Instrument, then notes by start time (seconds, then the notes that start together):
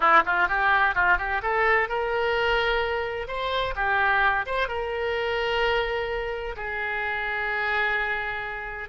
oboe
0.00 E4
0.25 F4
0.48 G4
0.95 F4
1.18 G4
1.42 A4
1.89 A#4
3.27 C5
3.75 G4
4.46 C5
4.68 A#4
6.56 G#4